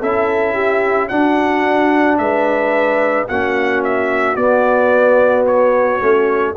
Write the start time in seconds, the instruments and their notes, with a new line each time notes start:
0.00 tuba C#4, trombone E4, horn A4, trumpet E5
0.54 horn G4
1.09 trombone D4, tuba D4, horn F#4, trumpet F#5
2.18 tuba G#3, horn B4, trumpet E5
3.28 tuba A#3, trombone C#4, horn F#4, trumpet F#5
3.84 trumpet E5
4.36 tuba B3, trombone B3, trumpet D5
5.47 trumpet C#5
6.00 tuba A3, trombone C#4